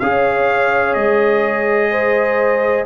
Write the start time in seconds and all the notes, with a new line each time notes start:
0.00 C#4 G#4 C#5 F5
0.94 G#3 D#5
1.91 C5